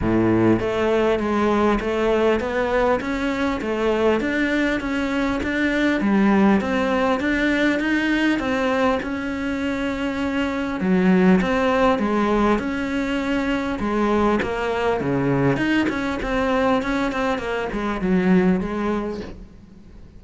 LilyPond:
\new Staff \with { instrumentName = "cello" } { \time 4/4 \tempo 4 = 100 a,4 a4 gis4 a4 | b4 cis'4 a4 d'4 | cis'4 d'4 g4 c'4 | d'4 dis'4 c'4 cis'4~ |
cis'2 fis4 c'4 | gis4 cis'2 gis4 | ais4 cis4 dis'8 cis'8 c'4 | cis'8 c'8 ais8 gis8 fis4 gis4 | }